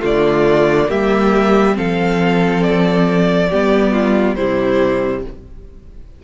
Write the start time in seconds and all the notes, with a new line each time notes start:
0.00 D3 A3 F4 D5
0.87 G3 A#3 G4 E5
1.74 F3 C4 A4 F5
2.63 D5
3.50 G3 B3 G4
3.93 F4
4.36 C3 G3 E4 C5